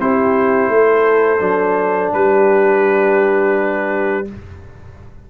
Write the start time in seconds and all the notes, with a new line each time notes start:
0.00 C4 E4 G4 C5
0.69 A3 A4
1.39 F#3 D4
2.13 G3 G4 B4